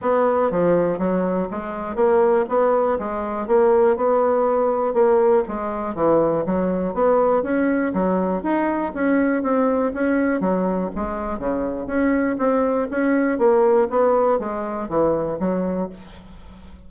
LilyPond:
\new Staff \with { instrumentName = "bassoon" } { \time 4/4 \tempo 4 = 121 b4 f4 fis4 gis4 | ais4 b4 gis4 ais4 | b2 ais4 gis4 | e4 fis4 b4 cis'4 |
fis4 dis'4 cis'4 c'4 | cis'4 fis4 gis4 cis4 | cis'4 c'4 cis'4 ais4 | b4 gis4 e4 fis4 | }